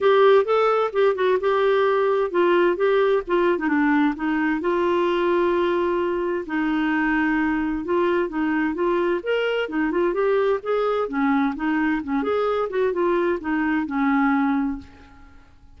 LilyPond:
\new Staff \with { instrumentName = "clarinet" } { \time 4/4 \tempo 4 = 130 g'4 a'4 g'8 fis'8 g'4~ | g'4 f'4 g'4 f'8. dis'16 | d'4 dis'4 f'2~ | f'2 dis'2~ |
dis'4 f'4 dis'4 f'4 | ais'4 dis'8 f'8 g'4 gis'4 | cis'4 dis'4 cis'8 gis'4 fis'8 | f'4 dis'4 cis'2 | }